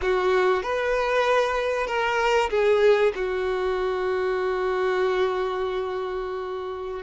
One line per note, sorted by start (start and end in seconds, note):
0.01 0.62 F#4
0.62 1.87 B4
1.87 2.49 A#4
2.50 3.12 G#4
3.15 7.02 F#4